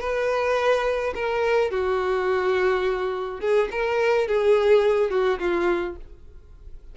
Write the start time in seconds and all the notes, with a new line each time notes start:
0.00 B4
1.14 A#4
1.70 F#4
3.40 G#4
3.71 A#4
4.27 G#4
5.10 F#4
5.39 F4